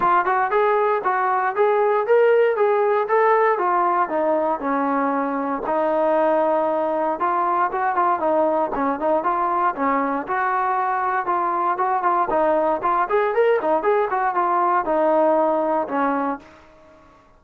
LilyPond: \new Staff \with { instrumentName = "trombone" } { \time 4/4 \tempo 4 = 117 f'8 fis'8 gis'4 fis'4 gis'4 | ais'4 gis'4 a'4 f'4 | dis'4 cis'2 dis'4~ | dis'2 f'4 fis'8 f'8 |
dis'4 cis'8 dis'8 f'4 cis'4 | fis'2 f'4 fis'8 f'8 | dis'4 f'8 gis'8 ais'8 dis'8 gis'8 fis'8 | f'4 dis'2 cis'4 | }